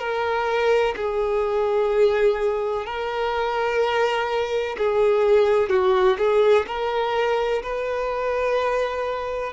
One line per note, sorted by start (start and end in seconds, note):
0.00 0.95 A#4
0.97 2.86 G#4
2.86 4.77 A#4
4.78 5.70 G#4
5.70 6.17 F#4
6.19 6.66 G#4
6.68 7.63 A#4
7.63 9.53 B4